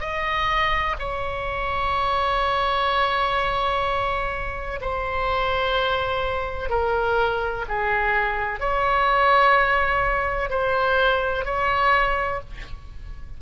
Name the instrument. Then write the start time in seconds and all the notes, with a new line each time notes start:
oboe
0.00 D#5
0.99 C#5
4.81 C5
6.69 A#4
7.68 G#4
8.59 C#5
10.50 C5
11.45 C#5